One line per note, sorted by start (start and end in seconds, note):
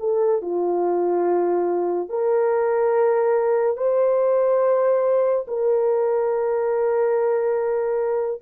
0.00 0.41 A4
0.41 2.09 F4
2.09 3.77 A#4
3.77 5.46 C5
5.48 8.42 A#4